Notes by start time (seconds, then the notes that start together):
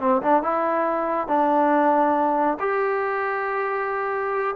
0.00 C4
0.22 D4
0.43 E4
1.28 D4
2.60 G4